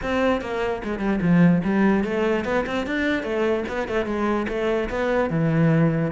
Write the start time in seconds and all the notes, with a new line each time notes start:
0.02 C4
0.41 A#3
0.83 G#3
0.99 G3
1.21 F3
1.64 G3
2.04 A3
2.44 B3
2.66 C4
2.86 D4
3.23 A3
3.68 B3
3.88 A3
4.05 G#3
4.48 A3
4.89 B3
5.30 E3